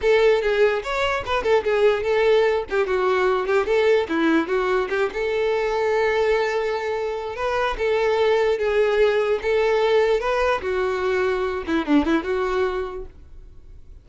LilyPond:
\new Staff \with { instrumentName = "violin" } { \time 4/4 \tempo 4 = 147 a'4 gis'4 cis''4 b'8 a'8 | gis'4 a'4. g'8 fis'4~ | fis'8 g'8 a'4 e'4 fis'4 | g'8 a'2.~ a'8~ |
a'2 b'4 a'4~ | a'4 gis'2 a'4~ | a'4 b'4 fis'2~ | fis'8 e'8 d'8 e'8 fis'2 | }